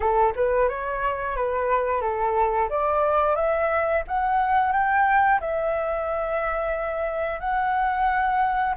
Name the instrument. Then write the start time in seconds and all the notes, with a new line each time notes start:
flute
0.00 A4
0.35 B4
0.68 C#5
1.35 B4
2.01 A4
2.69 D5
3.35 E5
4.07 F#5
4.72 G5
5.40 E5
7.40 F#5